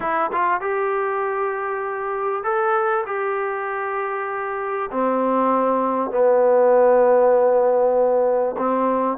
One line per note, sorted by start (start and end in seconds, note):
0.00 0.31 E4
0.32 0.60 F4
0.60 2.43 G4
2.43 3.04 A4
3.06 4.90 G4
4.91 6.11 C4
6.11 8.55 B3
8.57 9.17 C4